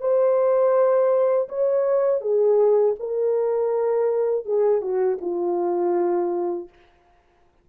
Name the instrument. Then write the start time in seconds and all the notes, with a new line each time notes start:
horn
0.00 C5
1.48 C#5
2.21 G#4
2.99 A#4
4.45 G#4
4.81 F#4
5.21 F4